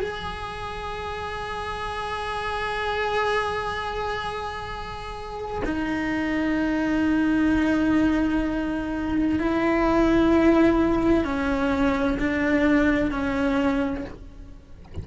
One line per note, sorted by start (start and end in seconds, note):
0.00 5.62 G#4
5.65 9.39 D#4
9.39 11.24 E4
11.24 12.18 C#4
12.19 13.11 D4
13.11 14.05 C#4